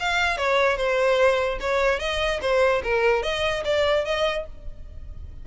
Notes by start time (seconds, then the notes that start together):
0.00 F5
0.37 C#5
0.77 C5
1.60 C#5
2.00 D#5
2.41 C5
2.84 A#4
3.23 D#5
3.65 D5
4.05 D#5